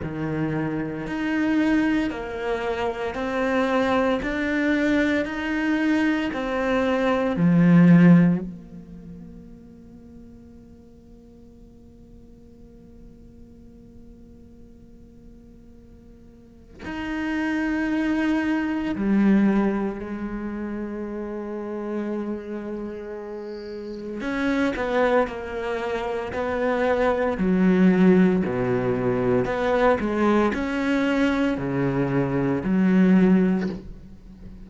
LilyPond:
\new Staff \with { instrumentName = "cello" } { \time 4/4 \tempo 4 = 57 dis4 dis'4 ais4 c'4 | d'4 dis'4 c'4 f4 | ais1~ | ais1 |
dis'2 g4 gis4~ | gis2. cis'8 b8 | ais4 b4 fis4 b,4 | b8 gis8 cis'4 cis4 fis4 | }